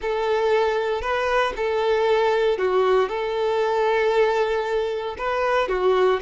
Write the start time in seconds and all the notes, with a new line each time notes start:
0.01 A4
1.01 B4
1.56 A4
2.58 F#4
3.08 A4
5.17 B4
5.68 F#4